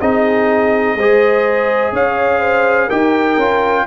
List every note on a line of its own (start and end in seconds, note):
0.00 0.95 C4
0.00 0.99 D#4
0.00 0.97 G#4
0.00 1.94 D#5
0.95 1.92 G#3
0.95 2.91 G#4
0.95 1.94 C5
1.92 2.89 C#4
1.92 2.40 C#5
1.92 2.90 F5
2.40 2.87 C5
2.87 3.37 D#4
2.87 3.39 G4
2.87 3.84 A#4
2.87 3.87 G5
3.37 3.86 C#4
3.37 3.87 F4